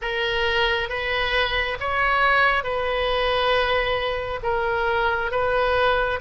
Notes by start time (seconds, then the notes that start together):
0.01 A#4
0.89 B4
1.80 C#5
2.63 B4
4.42 A#4
5.31 B4